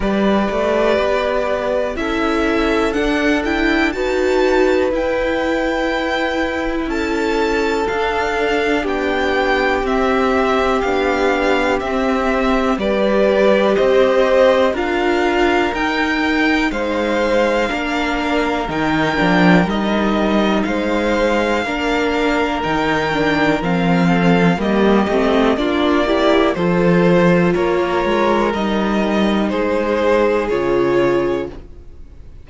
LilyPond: <<
  \new Staff \with { instrumentName = "violin" } { \time 4/4 \tempo 4 = 61 d''2 e''4 fis''8 g''8 | a''4 g''2 a''4 | f''4 g''4 e''4 f''4 | e''4 d''4 dis''4 f''4 |
g''4 f''2 g''4 | dis''4 f''2 g''4 | f''4 dis''4 d''4 c''4 | cis''4 dis''4 c''4 cis''4 | }
  \new Staff \with { instrumentName = "violin" } { \time 4/4 b'2 a'2 | b'2. a'4~ | a'4 g'2.~ | g'4 b'4 c''4 ais'4~ |
ais'4 c''4 ais'2~ | ais'4 c''4 ais'2~ | ais'8 a'8 g'4 f'8 g'8 a'4 | ais'2 gis'2 | }
  \new Staff \with { instrumentName = "viola" } { \time 4/4 g'2 e'4 d'8 e'8 | fis'4 e'2. | d'2 c'4 d'4 | c'4 g'2 f'4 |
dis'2 d'4 dis'8 d'8 | dis'2 d'4 dis'8 d'8 | c'4 ais8 c'8 d'8 e'8 f'4~ | f'4 dis'2 f'4 | }
  \new Staff \with { instrumentName = "cello" } { \time 4/4 g8 a8 b4 cis'4 d'4 | dis'4 e'2 cis'4 | d'4 b4 c'4 b4 | c'4 g4 c'4 d'4 |
dis'4 gis4 ais4 dis8 f8 | g4 gis4 ais4 dis4 | f4 g8 a8 ais4 f4 | ais8 gis8 g4 gis4 cis4 | }
>>